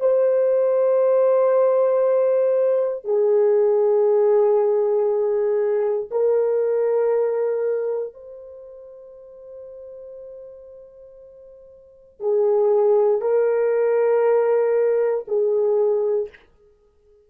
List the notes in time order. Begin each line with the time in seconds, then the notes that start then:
0.00 C5
3.05 G#4
6.11 A#4
8.14 C5
12.20 G#4
13.22 A#4
15.27 G#4